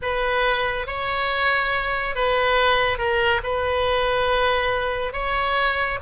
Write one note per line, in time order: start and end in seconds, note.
0.02 0.86 B4
0.86 2.15 C#5
2.15 2.98 B4
2.98 3.41 A#4
3.43 5.12 B4
5.12 5.98 C#5